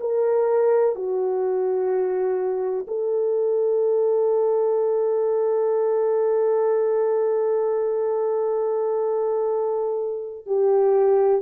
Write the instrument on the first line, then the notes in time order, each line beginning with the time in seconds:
horn
0.00 A#4
0.95 F#4
2.87 A4
10.46 G4